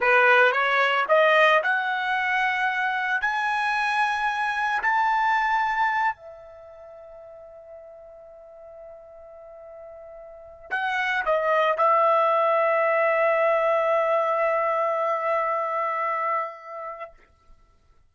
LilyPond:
\new Staff \with { instrumentName = "trumpet" } { \time 4/4 \tempo 4 = 112 b'4 cis''4 dis''4 fis''4~ | fis''2 gis''2~ | gis''4 a''2~ a''8 e''8~ | e''1~ |
e''1 | fis''4 dis''4 e''2~ | e''1~ | e''1 | }